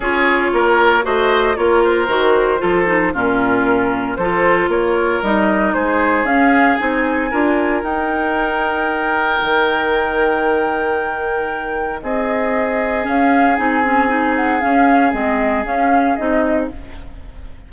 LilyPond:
<<
  \new Staff \with { instrumentName = "flute" } { \time 4/4 \tempo 4 = 115 cis''2 dis''4 cis''8 c''8~ | c''2 ais'2 | c''4 cis''4 dis''4 c''4 | f''4 gis''2 g''4~ |
g''1~ | g''2. dis''4~ | dis''4 f''4 gis''4. fis''8 | f''4 dis''4 f''4 dis''4 | }
  \new Staff \with { instrumentName = "oboe" } { \time 4/4 gis'4 ais'4 c''4 ais'4~ | ais'4 a'4 f'2 | a'4 ais'2 gis'4~ | gis'2 ais'2~ |
ais'1~ | ais'2. gis'4~ | gis'1~ | gis'1 | }
  \new Staff \with { instrumentName = "clarinet" } { \time 4/4 f'2 fis'4 f'4 | fis'4 f'8 dis'8 cis'2 | f'2 dis'2 | cis'4 dis'4 f'4 dis'4~ |
dis'1~ | dis'1~ | dis'4 cis'4 dis'8 cis'8 dis'4 | cis'4 c'4 cis'4 dis'4 | }
  \new Staff \with { instrumentName = "bassoon" } { \time 4/4 cis'4 ais4 a4 ais4 | dis4 f4 ais,2 | f4 ais4 g4 gis4 | cis'4 c'4 d'4 dis'4~ |
dis'2 dis2~ | dis2. c'4~ | c'4 cis'4 c'2 | cis'4 gis4 cis'4 c'4 | }
>>